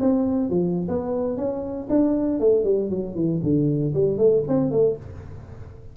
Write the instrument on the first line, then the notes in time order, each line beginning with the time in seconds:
tuba
0.00 C4
0.50 F3
0.88 B3
1.37 C#4
1.89 D4
2.40 A3
2.64 G3
2.90 F#3
3.15 E3
3.43 D3
3.94 G3
4.18 A3
4.48 C4
4.71 A3